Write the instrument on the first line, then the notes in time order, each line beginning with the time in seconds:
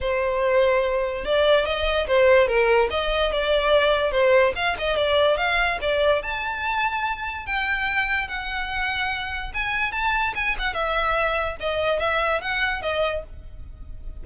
violin
0.00 C5
1.25 D5
1.65 D#5
2.07 C5
2.47 A#4
2.90 D#5
3.32 D5
4.11 C5
4.55 F5
4.78 D#5
4.96 D5
5.37 F5
5.81 D5
6.22 A5
7.46 G5
8.28 F#5
9.54 G#5
9.92 A5
10.35 G#5
10.58 F#5
10.73 E5
11.60 D#5
11.99 E5
12.41 F#5
12.82 D#5